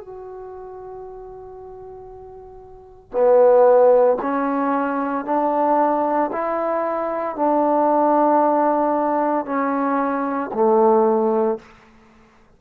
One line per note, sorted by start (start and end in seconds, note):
0.00 3.12 F#4
3.12 4.17 B3
4.22 5.25 C#4
5.25 6.31 D4
6.33 7.36 E4
7.36 9.45 D4
9.45 10.51 C#4
10.53 11.58 A3